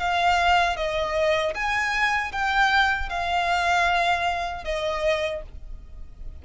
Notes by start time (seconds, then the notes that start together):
0.00 F5
0.77 D#5
1.55 G#5
2.33 G5
3.10 F5
4.65 D#5